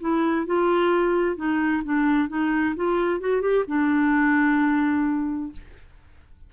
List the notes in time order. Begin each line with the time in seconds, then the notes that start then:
0.00 E4
0.46 F4
1.36 D#4
1.84 D4
2.29 D#4
2.76 F4
3.20 F#4
3.41 G4
3.68 D4